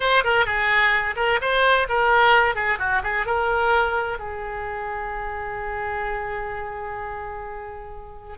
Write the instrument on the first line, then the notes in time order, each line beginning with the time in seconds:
oboe
0.00 C5
0.24 A#4
0.45 G#4
1.16 A#4
1.41 C5
1.88 A#4
2.55 G#4
2.78 F#4
3.03 G#4
3.26 A#4
4.19 G#4